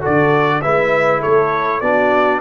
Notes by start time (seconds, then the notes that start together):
0.00 F#4 A4 D5
0.06 D3
0.61 G#3 E4 B4 E5
1.20 A3 A4 C#5
1.80 B3 D4 F#4 D5